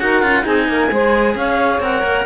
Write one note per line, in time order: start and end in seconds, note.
0.00 0.22 D#4
0.00 0.23 F#4
0.00 0.43 A#4
0.00 0.45 F#5
0.22 0.45 C#4
0.22 0.43 F4
0.43 0.68 C4
0.43 0.89 D#4
0.43 0.66 G#4
0.43 1.36 G#5
0.68 0.91 A#3
0.68 0.92 A#4
0.91 1.35 G#3
0.91 1.82 G#4
0.91 1.36 C5
1.35 1.80 C#4
1.35 2.26 C#5
1.35 1.82 F5
1.80 2.03 C4
1.80 2.26 A#4
1.80 2.26 F#5
2.04 2.26 A#3